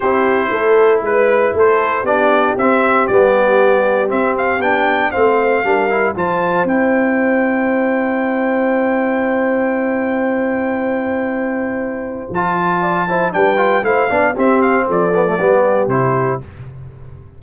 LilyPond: <<
  \new Staff \with { instrumentName = "trumpet" } { \time 4/4 \tempo 4 = 117 c''2 b'4 c''4 | d''4 e''4 d''2 | e''8 f''8 g''4 f''2 | a''4 g''2.~ |
g''1~ | g''1 | a''2 g''4 f''4 | e''8 f''8 d''2 c''4 | }
  \new Staff \with { instrumentName = "horn" } { \time 4/4 g'4 a'4 b'4 a'4 | g'1~ | g'2 c''4 ais'4 | c''1~ |
c''1~ | c''1~ | c''4 d''8 c''8 b'4 c''8 d''8 | g'4 a'4 g'2 | }
  \new Staff \with { instrumentName = "trombone" } { \time 4/4 e'1 | d'4 c'4 b2 | c'4 d'4 c'4 d'8 e'8 | f'4 e'2.~ |
e'1~ | e'1 | f'4. e'8 d'8 f'8 e'8 d'8 | c'4. b16 a16 b4 e'4 | }
  \new Staff \with { instrumentName = "tuba" } { \time 4/4 c'4 a4 gis4 a4 | b4 c'4 g2 | c'4 b4 a4 g4 | f4 c'2.~ |
c'1~ | c'1 | f2 g4 a8 b8 | c'4 f4 g4 c4 | }
>>